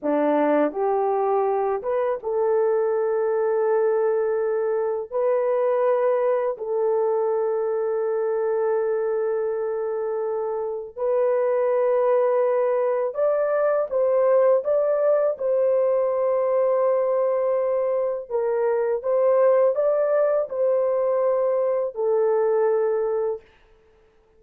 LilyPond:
\new Staff \with { instrumentName = "horn" } { \time 4/4 \tempo 4 = 82 d'4 g'4. b'8 a'4~ | a'2. b'4~ | b'4 a'2.~ | a'2. b'4~ |
b'2 d''4 c''4 | d''4 c''2.~ | c''4 ais'4 c''4 d''4 | c''2 a'2 | }